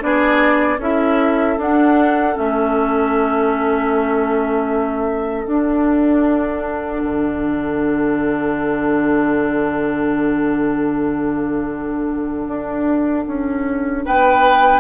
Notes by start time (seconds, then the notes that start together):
0.00 B3 D4 G#4 D5
0.79 C#4 E4 A4 E5
1.58 D4 F#5
2.34 A3 C#4 E5
5.46 D4 F#5
7.04 D3
12.47 D4
13.27 C#4
14.06 B3 B4 G5